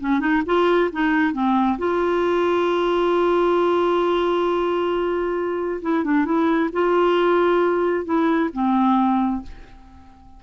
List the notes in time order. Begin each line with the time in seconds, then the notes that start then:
0.00 C#4
0.20 D#4
0.46 F4
0.92 D#4
1.33 C4
1.78 F4
5.82 E4
6.04 D4
6.25 E4
6.72 F4
8.05 E4
8.53 C4